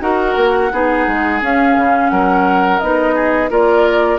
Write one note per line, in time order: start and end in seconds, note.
0.00 0.35 D#4
0.00 0.70 F#4
0.00 0.72 A#4
0.00 1.41 F#5
0.36 0.71 A#3
0.72 1.07 B3
0.72 1.41 D#4
0.72 2.12 G#4
1.07 1.41 G#3
1.41 2.81 C#4
1.41 1.76 C#4
1.41 2.09 F5
1.76 2.11 C#3
2.09 2.81 F#3
2.09 3.15 A#4
2.09 2.79 F#5
2.79 3.50 B3
2.79 3.50 D#4
2.79 3.49 D#5
3.15 3.50 G#4
3.50 4.18 A#3
3.50 4.18 F4
3.50 4.18 A#4
3.50 4.18 D5